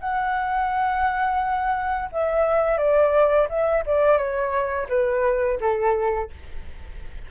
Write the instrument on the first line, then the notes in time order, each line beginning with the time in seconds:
flute
0.00 F#5
2.12 E5
2.78 D5
3.49 E5
3.86 D5
4.18 C#5
4.89 B4
5.61 A4